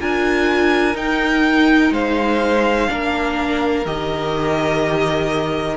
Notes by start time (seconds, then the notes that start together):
0.00 D4 F4 A#4 G#5
0.94 D#4 G5
1.91 G#3 C5 F5
2.87 A#3 D4 A#4
3.85 D#3 G4 D#5